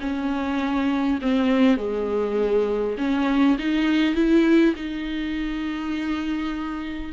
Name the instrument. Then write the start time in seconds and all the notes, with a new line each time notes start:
viola
0.00 C#4
1.21 C4
1.77 G#3
2.97 C#4
3.58 D#4
4.14 E4
4.75 D#4